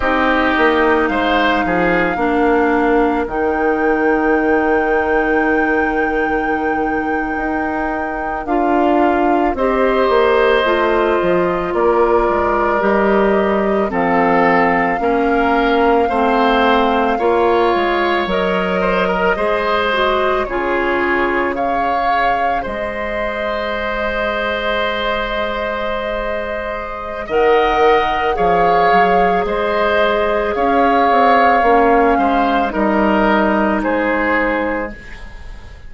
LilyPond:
<<
  \new Staff \with { instrumentName = "flute" } { \time 4/4 \tempo 4 = 55 dis''4 f''2 g''4~ | g''2.~ g''8. f''16~ | f''8. dis''2 d''4 dis''16~ | dis''8. f''2.~ f''16~ |
f''8. dis''2 cis''4 f''16~ | f''8. dis''2.~ dis''16~ | dis''4 fis''4 f''4 dis''4 | f''2 dis''4 c''4 | }
  \new Staff \with { instrumentName = "oboe" } { \time 4/4 g'4 c''8 gis'8 ais'2~ | ais'1~ | ais'8. c''2 ais'4~ ais'16~ | ais'8. a'4 ais'4 c''4 cis''16~ |
cis''4~ cis''16 c''16 ais'16 c''4 gis'4 cis''16~ | cis''8. c''2.~ c''16~ | c''4 dis''4 cis''4 c''4 | cis''4. c''8 ais'4 gis'4 | }
  \new Staff \with { instrumentName = "clarinet" } { \time 4/4 dis'2 d'4 dis'4~ | dis'2.~ dis'8. f'16~ | f'8. g'4 f'2 g'16~ | g'8. c'4 cis'4 c'4 f'16~ |
f'8. ais'4 gis'8 fis'8 f'4 gis'16~ | gis'1~ | gis'4 ais'4 gis'2~ | gis'4 cis'4 dis'2 | }
  \new Staff \with { instrumentName = "bassoon" } { \time 4/4 c'8 ais8 gis8 f8 ais4 dis4~ | dis2~ dis8. dis'4 d'16~ | d'8. c'8 ais8 a8 f8 ais8 gis8 g16~ | g8. f4 ais4 a4 ais16~ |
ais16 gis8 fis4 gis4 cis4~ cis16~ | cis8. gis2.~ gis16~ | gis4 dis4 f8 fis8 gis4 | cis'8 c'8 ais8 gis8 g4 gis4 | }
>>